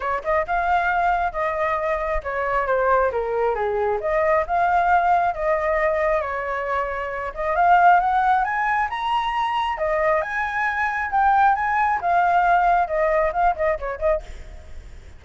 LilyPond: \new Staff \with { instrumentName = "flute" } { \time 4/4 \tempo 4 = 135 cis''8 dis''8 f''2 dis''4~ | dis''4 cis''4 c''4 ais'4 | gis'4 dis''4 f''2 | dis''2 cis''2~ |
cis''8 dis''8 f''4 fis''4 gis''4 | ais''2 dis''4 gis''4~ | gis''4 g''4 gis''4 f''4~ | f''4 dis''4 f''8 dis''8 cis''8 dis''8 | }